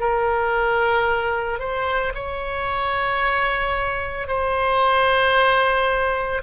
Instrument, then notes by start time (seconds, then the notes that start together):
oboe
0.00 A#4
1.59 C5
2.14 C#5
4.28 C5